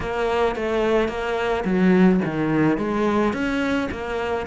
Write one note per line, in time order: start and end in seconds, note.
0.00 0.55 A#3
0.55 1.08 A3
1.08 1.64 A#3
1.64 2.20 F#3
2.24 2.77 D#3
2.77 3.33 G#3
3.33 3.88 C#4
3.91 4.46 A#3